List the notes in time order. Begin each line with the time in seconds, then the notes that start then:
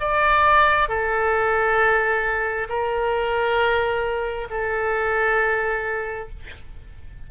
0.00 D5
0.89 A4
2.69 A#4
4.50 A4